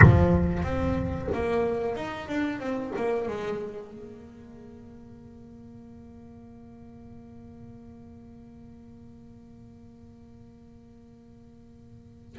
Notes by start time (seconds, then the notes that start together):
0.01 F3
0.63 C4
1.33 A#3
1.96 D#4
2.28 D4
2.59 C4
2.96 A#3
3.28 G#3
3.92 A#3